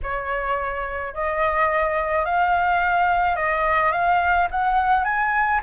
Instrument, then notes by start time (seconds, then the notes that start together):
flute
0.03 C#5
1.13 D#5
2.25 F5
3.35 D#5
3.92 F5
4.50 F#5
5.04 G#5